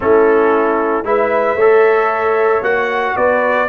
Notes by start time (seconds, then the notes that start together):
0.00 A3 C#4 E4 A4
1.03 G#3 E4 B4 E5
1.55 A3 A4 C#5
2.61 A#3 F#4 F#5
3.15 B3 B4 D5